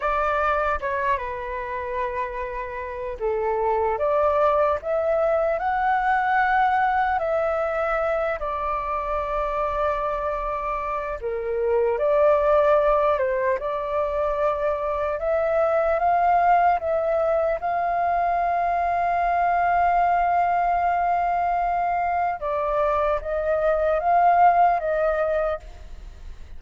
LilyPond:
\new Staff \with { instrumentName = "flute" } { \time 4/4 \tempo 4 = 75 d''4 cis''8 b'2~ b'8 | a'4 d''4 e''4 fis''4~ | fis''4 e''4. d''4.~ | d''2 ais'4 d''4~ |
d''8 c''8 d''2 e''4 | f''4 e''4 f''2~ | f''1 | d''4 dis''4 f''4 dis''4 | }